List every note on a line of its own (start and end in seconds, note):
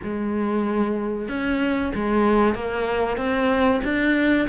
0.03 1.28 G#3
1.28 1.92 C#4
1.94 2.54 G#3
2.54 3.17 A#3
3.17 3.80 C4
3.84 4.47 D4